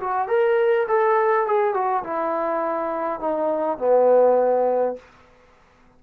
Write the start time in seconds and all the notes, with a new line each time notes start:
0.00 F#4
0.28 A#4
0.88 A4
1.46 G#4
1.74 F#4
2.03 E4
3.20 D#4
3.78 B3